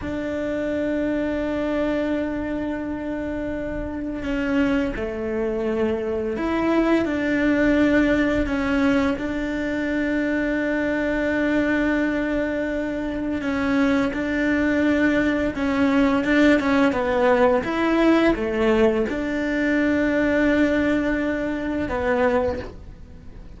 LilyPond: \new Staff \with { instrumentName = "cello" } { \time 4/4 \tempo 4 = 85 d'1~ | d'2 cis'4 a4~ | a4 e'4 d'2 | cis'4 d'2.~ |
d'2. cis'4 | d'2 cis'4 d'8 cis'8 | b4 e'4 a4 d'4~ | d'2. b4 | }